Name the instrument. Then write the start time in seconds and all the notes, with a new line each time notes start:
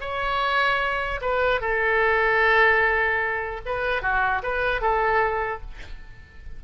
oboe
0.00 C#5
1.21 B4
1.61 A4
3.65 B4
4.02 F#4
4.43 B4
4.81 A4